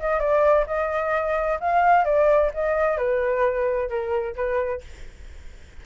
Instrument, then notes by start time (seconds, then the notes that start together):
flute
0.00 D#5
0.20 D5
0.67 D#5
1.60 F5
2.05 D5
2.54 D#5
2.98 B4
3.89 A#4
4.36 B4